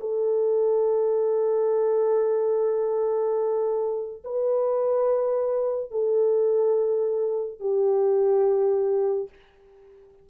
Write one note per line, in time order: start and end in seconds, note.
0.00 4.23 A4
4.24 5.91 B4
5.91 7.60 A4
7.60 9.29 G4